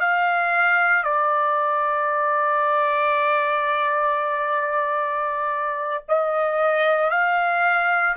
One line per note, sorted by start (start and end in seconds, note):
0.00 1.04 F5
1.04 6.04 D5
6.09 7.11 D#5
7.11 8.16 F5